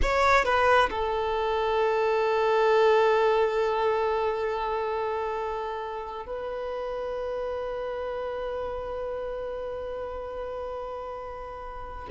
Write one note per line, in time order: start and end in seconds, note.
0.02 0.44 C#5
0.44 0.89 B4
0.90 6.26 A4
6.26 12.08 B4